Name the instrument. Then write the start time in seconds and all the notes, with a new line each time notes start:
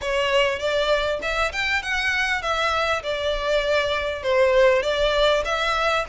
violin
0.01 C#5
0.59 D5
1.21 E5
1.52 G5
1.82 F#5
2.41 E5
3.02 D5
4.23 C5
4.82 D5
5.44 E5